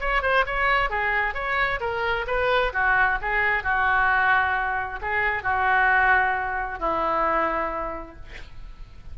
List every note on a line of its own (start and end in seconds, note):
0.00 0.22 C#5
0.22 0.45 C5
0.46 0.90 C#5
0.90 1.34 G#4
1.34 1.80 C#5
1.80 2.25 A#4
2.27 2.72 B4
2.73 3.18 F#4
3.21 3.63 G#4
3.63 5.00 F#4
5.01 5.43 G#4
5.43 6.79 F#4
6.79 8.15 E4